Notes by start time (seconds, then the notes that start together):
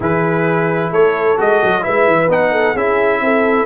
0.00 E3 E4 G#4 B4
0.90 A3 A4 C#5
1.37 G#3 F#4 D#5
1.63 F#3
1.81 G#3 E4 B4 E5
2.06 E3
2.28 B3 D#4 F#5
2.51 A4
2.73 C#4 E4 G#4 E5
3.20 C4 A4